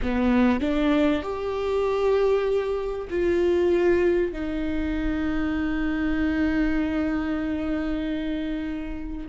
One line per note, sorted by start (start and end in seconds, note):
0.02 0.60 B3
0.60 1.22 D4
1.22 3.08 G4
3.09 4.32 F4
4.32 9.27 D#4